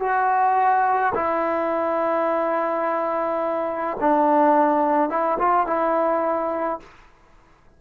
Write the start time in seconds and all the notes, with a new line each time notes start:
0.00 F#4
1.15 E4
4.00 D4
5.10 E4
5.39 F4
5.67 E4